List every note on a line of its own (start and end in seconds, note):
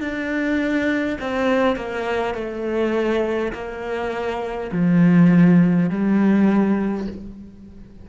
0.00 1.18 D4
1.20 1.76 C4
1.76 2.34 A#3
2.34 3.52 A3
3.53 4.71 A#3
4.72 5.89 F3
5.89 7.07 G3